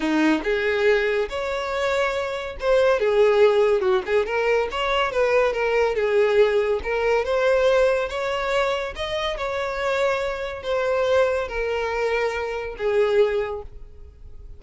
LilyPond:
\new Staff \with { instrumentName = "violin" } { \time 4/4 \tempo 4 = 141 dis'4 gis'2 cis''4~ | cis''2 c''4 gis'4~ | gis'4 fis'8 gis'8 ais'4 cis''4 | b'4 ais'4 gis'2 |
ais'4 c''2 cis''4~ | cis''4 dis''4 cis''2~ | cis''4 c''2 ais'4~ | ais'2 gis'2 | }